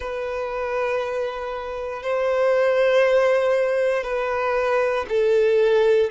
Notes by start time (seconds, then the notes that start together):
0.00 B4
2.02 C5
4.04 B4
5.08 A4